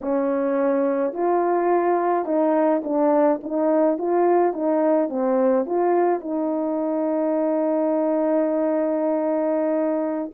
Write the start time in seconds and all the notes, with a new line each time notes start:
0.01 C#4
1.13 F4
2.25 D#4
2.84 D4
3.43 D#4
3.98 F4
4.53 D#4
5.09 C4
5.66 F4
6.20 D#4